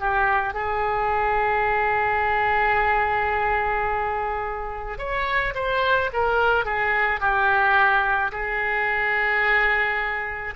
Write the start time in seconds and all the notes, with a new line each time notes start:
0.00 G4
0.54 G#4
4.98 C#5
5.55 C5
6.13 A#4
6.65 G#4
7.20 G4
8.32 G#4